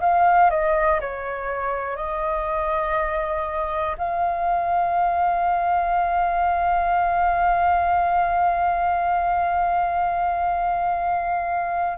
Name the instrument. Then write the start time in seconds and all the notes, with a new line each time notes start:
flute
0.00 F5
0.50 D#5
1.01 C#5
1.96 D#5
3.98 F5